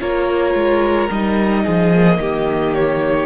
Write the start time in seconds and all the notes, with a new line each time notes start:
0.00 A#3 F4 A#4 C#5
0.54 G#3
1.10 G3 D#4 D#5
1.64 F3 G#4
1.95 A#3
2.18 D#3 G4
2.74 C#5